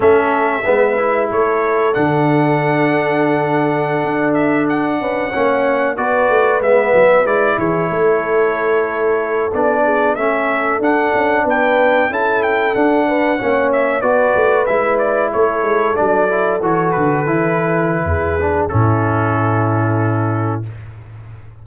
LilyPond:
<<
  \new Staff \with { instrumentName = "trumpet" } { \time 4/4 \tempo 4 = 93 e''2 cis''4 fis''4~ | fis''2~ fis''8. e''8 fis''8.~ | fis''4~ fis''16 d''4 e''4 d''8 cis''16~ | cis''2~ cis''8. d''4 e''16~ |
e''8. fis''4 g''4 a''8 g''8 fis''16~ | fis''4~ fis''16 e''8 d''4 e''8 d''8 cis''16~ | cis''8. d''4 cis''8 b'4.~ b'16~ | b'4 a'2. | }
  \new Staff \with { instrumentName = "horn" } { \time 4/4 a'4 b'4 a'2~ | a'2.~ a'8. b'16~ | b'16 cis''4 b'2~ b'8 gis'16~ | gis'16 a'2. gis'8 a'16~ |
a'4.~ a'16 b'4 a'4~ a'16~ | a'16 b'8 cis''4 b'2 a'16~ | a'1 | gis'4 e'2. | }
  \new Staff \with { instrumentName = "trombone" } { \time 4/4 cis'4 b8 e'4. d'4~ | d'1~ | d'16 cis'4 fis'4 b4 e'8.~ | e'2~ e'8. d'4 cis'16~ |
cis'8. d'2 e'4 d'16~ | d'8. cis'4 fis'4 e'4~ e'16~ | e'8. d'8 e'8 fis'4 e'4~ e'16~ | e'8 d'8 cis'2. | }
  \new Staff \with { instrumentName = "tuba" } { \time 4/4 a4 gis4 a4 d4~ | d2~ d16 d'4. cis'16~ | cis'16 ais4 b8 a8 gis8 fis8 gis8 e16~ | e16 a2~ a8 b4 a16~ |
a8. d'8 cis'8 b4 cis'4 d'16~ | d'8. ais4 b8 a8 gis4 a16~ | a16 gis8 fis4 e8 d8 e4~ e16 | e,4 a,2. | }
>>